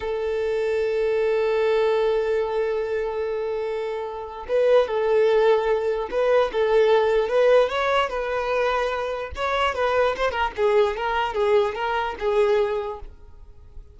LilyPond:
\new Staff \with { instrumentName = "violin" } { \time 4/4 \tempo 4 = 148 a'1~ | a'1~ | a'2. b'4 | a'2. b'4 |
a'2 b'4 cis''4 | b'2. cis''4 | b'4 c''8 ais'8 gis'4 ais'4 | gis'4 ais'4 gis'2 | }